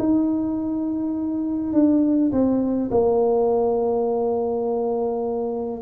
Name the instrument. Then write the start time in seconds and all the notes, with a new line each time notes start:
tuba
0.00 D#4
1.74 D4
2.32 C4
2.91 A#3